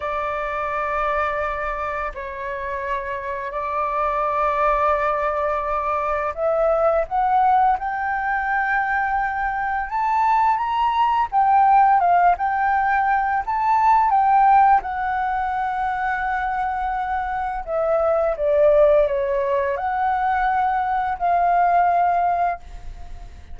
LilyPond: \new Staff \with { instrumentName = "flute" } { \time 4/4 \tempo 4 = 85 d''2. cis''4~ | cis''4 d''2.~ | d''4 e''4 fis''4 g''4~ | g''2 a''4 ais''4 |
g''4 f''8 g''4. a''4 | g''4 fis''2.~ | fis''4 e''4 d''4 cis''4 | fis''2 f''2 | }